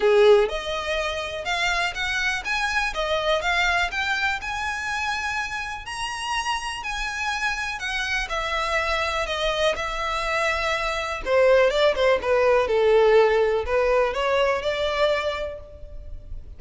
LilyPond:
\new Staff \with { instrumentName = "violin" } { \time 4/4 \tempo 4 = 123 gis'4 dis''2 f''4 | fis''4 gis''4 dis''4 f''4 | g''4 gis''2. | ais''2 gis''2 |
fis''4 e''2 dis''4 | e''2. c''4 | d''8 c''8 b'4 a'2 | b'4 cis''4 d''2 | }